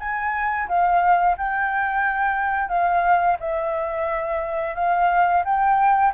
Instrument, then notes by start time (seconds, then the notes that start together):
flute
0.00 G#5
0.68 F5
1.38 G5
2.69 F5
3.40 E5
4.75 F5
5.45 G5